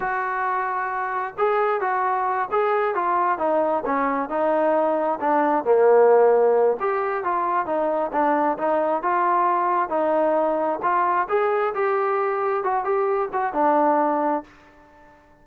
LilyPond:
\new Staff \with { instrumentName = "trombone" } { \time 4/4 \tempo 4 = 133 fis'2. gis'4 | fis'4. gis'4 f'4 dis'8~ | dis'8 cis'4 dis'2 d'8~ | d'8 ais2~ ais8 g'4 |
f'4 dis'4 d'4 dis'4 | f'2 dis'2 | f'4 gis'4 g'2 | fis'8 g'4 fis'8 d'2 | }